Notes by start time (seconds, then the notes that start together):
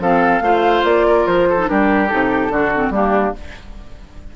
0.00 F3 C4 A4 F5
0.41 A3 F4 C5
0.84 A#3 D5
1.07 A#4
1.27 F3 C5
1.50 A4
1.58 D#4
1.67 G3 D4 G4 A#4
2.09 C3 D#4 A4
2.50 D3 D4 F#4
2.75 C4
2.90 G3 A#3 D4 G4